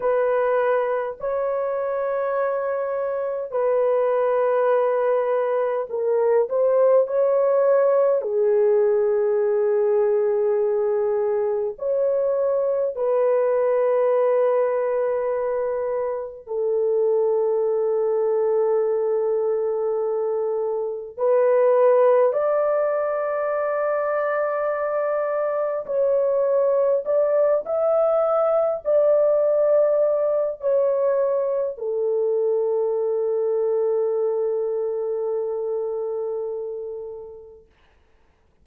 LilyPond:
\new Staff \with { instrumentName = "horn" } { \time 4/4 \tempo 4 = 51 b'4 cis''2 b'4~ | b'4 ais'8 c''8 cis''4 gis'4~ | gis'2 cis''4 b'4~ | b'2 a'2~ |
a'2 b'4 d''4~ | d''2 cis''4 d''8 e''8~ | e''8 d''4. cis''4 a'4~ | a'1 | }